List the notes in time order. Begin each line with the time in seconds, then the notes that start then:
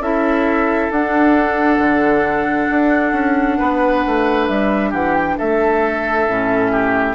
0.00 C#4 E4 A4 E5
0.90 D4 F#5
1.79 D3
2.70 D4
3.12 C#4
3.58 B3 B4
4.06 A3
4.47 G3 E5
4.90 E3 G4 F#5
5.15 G5
5.38 A3 A4 E5
6.27 A2 C#4
6.72 G4